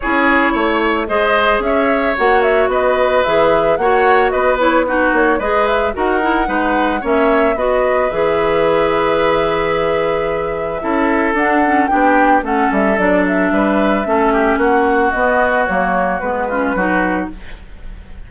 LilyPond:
<<
  \new Staff \with { instrumentName = "flute" } { \time 4/4 \tempo 4 = 111 cis''2 dis''4 e''4 | fis''8 e''8 dis''4 e''4 fis''4 | dis''8 cis''8 b'8 cis''8 dis''8 e''8 fis''4~ | fis''4 e''4 dis''4 e''4~ |
e''1~ | e''4 fis''4 g''4 fis''8 e''8 | d''8 e''2~ e''8 fis''4 | dis''4 cis''4 b'2 | }
  \new Staff \with { instrumentName = "oboe" } { \time 4/4 gis'4 cis''4 c''4 cis''4~ | cis''4 b'2 cis''4 | b'4 fis'4 b'4 ais'4 | b'4 cis''4 b'2~ |
b'1 | a'2 g'4 a'4~ | a'4 b'4 a'8 g'8 fis'4~ | fis'2~ fis'8 f'8 fis'4 | }
  \new Staff \with { instrumentName = "clarinet" } { \time 4/4 e'2 gis'2 | fis'2 gis'4 fis'4~ | fis'8 e'8 dis'4 gis'4 fis'8 e'8 | dis'4 cis'4 fis'4 gis'4~ |
gis'1 | e'4 d'8 cis'8 d'4 cis'4 | d'2 cis'2 | b4 ais4 b8 cis'8 dis'4 | }
  \new Staff \with { instrumentName = "bassoon" } { \time 4/4 cis'4 a4 gis4 cis'4 | ais4 b4 e4 ais4 | b4. ais8 gis4 dis'4 | gis4 ais4 b4 e4~ |
e1 | cis'4 d'4 b4 a8 g8 | fis4 g4 a4 ais4 | b4 fis4 gis4 fis4 | }
>>